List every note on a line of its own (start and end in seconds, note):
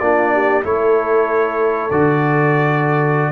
0.00 0.64 A#3
0.00 0.64 D4
0.00 0.33 F4
0.00 0.63 D5
0.33 0.65 G4
0.64 1.91 A3
0.64 1.90 E4
0.64 3.32 A4
0.64 1.91 C#5
1.91 3.32 D3
1.91 3.32 F#4
1.91 3.32 D5